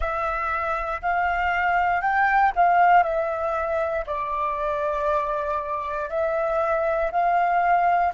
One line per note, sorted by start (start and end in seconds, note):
0.00 1.01 E5
1.02 2.01 F5
2.01 2.51 G5
2.55 3.03 F5
3.03 4.04 E5
4.06 6.09 D5
6.09 7.11 E5
7.11 8.13 F5